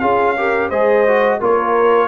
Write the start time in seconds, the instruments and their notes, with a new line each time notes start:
0.00 tuba C#4, trombone F4, horn G#4, trumpet F5
0.38 trombone G4, horn A#4
0.70 tuba G#3, trombone G#4, horn C5, trumpet D#5
1.08 trombone F#4
1.40 tuba A#3, trombone F4, horn A#4, trumpet C#5